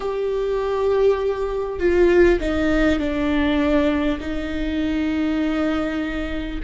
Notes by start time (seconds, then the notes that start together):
0.00 G4
1.79 F4
2.40 D#4
2.99 D4
4.19 D#4